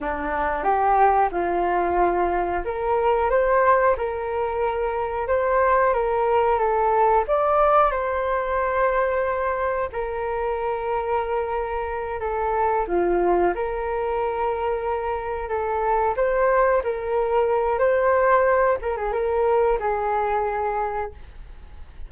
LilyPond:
\new Staff \with { instrumentName = "flute" } { \time 4/4 \tempo 4 = 91 d'4 g'4 f'2 | ais'4 c''4 ais'2 | c''4 ais'4 a'4 d''4 | c''2. ais'4~ |
ais'2~ ais'8 a'4 f'8~ | f'8 ais'2. a'8~ | a'8 c''4 ais'4. c''4~ | c''8 ais'16 gis'16 ais'4 gis'2 | }